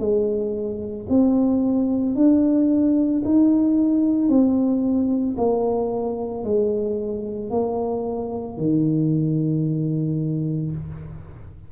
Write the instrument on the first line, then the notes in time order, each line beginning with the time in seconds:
tuba
0.00 G#3
1.09 C4
2.16 D4
3.25 D#4
4.29 C4
5.38 A#3
6.44 G#3
7.51 A#3
8.58 D#3